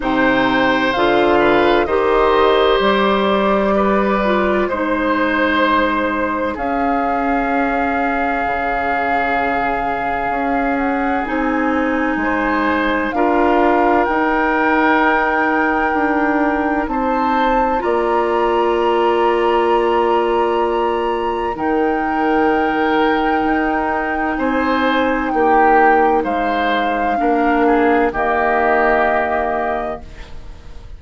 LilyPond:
<<
  \new Staff \with { instrumentName = "flute" } { \time 4/4 \tempo 4 = 64 g''4 f''4 dis''4 d''4~ | d''4 c''2 f''4~ | f''2.~ f''8 fis''8 | gis''2 f''4 g''4~ |
g''2 a''4 ais''4~ | ais''2. g''4~ | g''2 gis''4 g''4 | f''2 dis''2 | }
  \new Staff \with { instrumentName = "oboe" } { \time 4/4 c''4. b'8 c''2 | b'4 c''2 gis'4~ | gis'1~ | gis'4 c''4 ais'2~ |
ais'2 c''4 d''4~ | d''2. ais'4~ | ais'2 c''4 g'4 | c''4 ais'8 gis'8 g'2 | }
  \new Staff \with { instrumentName = "clarinet" } { \time 4/4 dis'4 f'4 g'2~ | g'8 f'8 dis'2 cis'4~ | cis'1 | dis'2 f'4 dis'4~ |
dis'2. f'4~ | f'2. dis'4~ | dis'1~ | dis'4 d'4 ais2 | }
  \new Staff \with { instrumentName = "bassoon" } { \time 4/4 c4 d4 dis4 g4~ | g4 gis2 cis'4~ | cis'4 cis2 cis'4 | c'4 gis4 d'4 dis'4~ |
dis'4 d'4 c'4 ais4~ | ais2. dis4~ | dis4 dis'4 c'4 ais4 | gis4 ais4 dis2 | }
>>